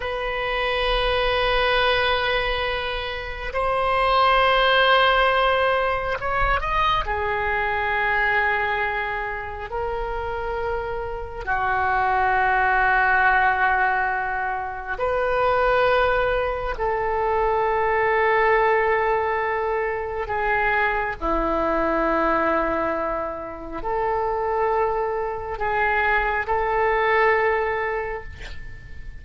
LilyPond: \new Staff \with { instrumentName = "oboe" } { \time 4/4 \tempo 4 = 68 b'1 | c''2. cis''8 dis''8 | gis'2. ais'4~ | ais'4 fis'2.~ |
fis'4 b'2 a'4~ | a'2. gis'4 | e'2. a'4~ | a'4 gis'4 a'2 | }